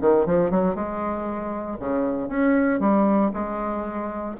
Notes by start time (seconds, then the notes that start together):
0.00 D#3
0.25 F3
0.50 F#3
0.74 G#3
1.79 C#3
2.28 C#4
2.79 G3
3.33 G#3